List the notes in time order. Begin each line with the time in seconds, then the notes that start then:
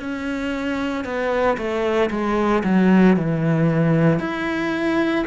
0.00 C#4
1.05 B3
1.58 A3
2.11 G#3
2.64 F#3
3.17 E3
4.20 E4